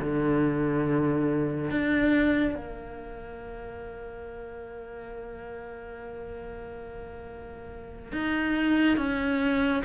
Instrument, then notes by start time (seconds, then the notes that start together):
cello
0.00 D3
1.71 D4
2.55 A#3
8.12 D#4
8.97 C#4